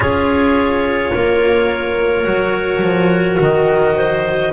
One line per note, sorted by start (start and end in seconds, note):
0.00 1.11 C#4
0.00 2.23 F4
0.00 1.12 G#4
0.00 3.36 C#5
1.13 2.25 A#3
1.13 3.95 A#4
2.23 2.81 F#3
2.23 4.50 F#4
2.81 3.37 F3
3.40 4.52 D#3
3.40 4.52 D#5
3.95 4.52 C5